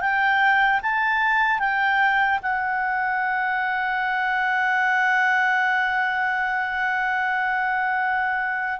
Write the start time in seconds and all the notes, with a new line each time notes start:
0.00 G5
0.82 A5
1.59 G5
2.42 F#5